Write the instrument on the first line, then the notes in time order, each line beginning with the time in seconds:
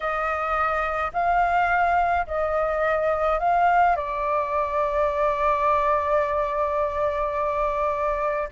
flute
0.00 D#5
1.13 F5
2.26 D#5
3.39 F5
3.96 D5